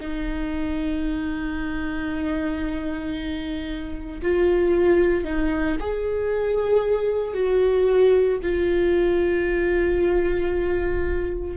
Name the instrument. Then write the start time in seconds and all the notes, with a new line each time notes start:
viola
0.00 D#4
4.22 F4
5.24 D#4
5.79 G#4
7.33 F#4
8.42 F4